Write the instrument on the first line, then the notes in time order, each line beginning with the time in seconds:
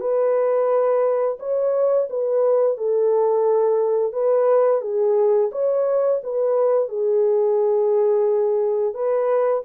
horn
0.00 B4
1.39 C#5
2.09 B4
2.77 A4
4.12 B4
4.81 G#4
5.52 C#5
6.24 B4
6.88 G#4
8.94 B4